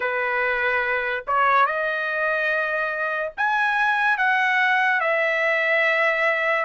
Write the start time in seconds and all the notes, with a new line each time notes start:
0.00 B4
1.27 C#5
1.66 D#5
3.37 G#5
4.17 F#5
5.00 E5